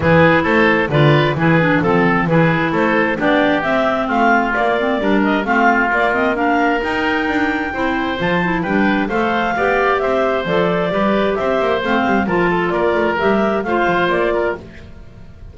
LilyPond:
<<
  \new Staff \with { instrumentName = "clarinet" } { \time 4/4 \tempo 4 = 132 b'4 c''4 d''4 b'4 | a'4 b'4 c''4 d''4 | e''4 f''4 d''4. dis''8 | f''4 d''8 dis''8 f''4 g''4~ |
g''2 a''4 g''4 | f''2 e''4 d''4~ | d''4 e''4 f''4 a''4 | d''4 e''4 f''4 d''4 | }
  \new Staff \with { instrumentName = "oboe" } { \time 4/4 gis'4 a'4 b'4 gis'4 | a'4 gis'4 a'4 g'4~ | g'4 f'2 ais'4 | f'2 ais'2~ |
ais'4 c''2 b'4 | c''4 d''4 c''2 | b'4 c''2 ais'8 a'8 | ais'2 c''4. ais'8 | }
  \new Staff \with { instrumentName = "clarinet" } { \time 4/4 e'2 f'4 e'8 d'8 | c'4 e'2 d'4 | c'2 ais8 c'8 d'4 | c'4 ais8 c'8 d'4 dis'4~ |
dis'4 e'4 f'8 e'8 d'4 | a'4 g'2 a'4 | g'2 c'4 f'4~ | f'4 g'4 f'2 | }
  \new Staff \with { instrumentName = "double bass" } { \time 4/4 e4 a4 d4 e4 | f4 e4 a4 b4 | c'4 a4 ais4 g4 | a4 ais2 dis'4 |
d'4 c'4 f4 g4 | a4 b4 c'4 f4 | g4 c'8 ais8 a8 g8 f4 | ais8 a8 g4 a8 f8 ais4 | }
>>